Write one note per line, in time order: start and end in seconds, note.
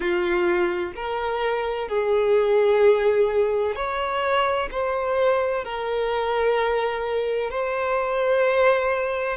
0.00 0.92 F4
0.95 1.88 A#4
1.88 3.75 G#4
3.75 4.69 C#5
4.71 5.64 C5
5.64 7.50 A#4
7.50 9.37 C5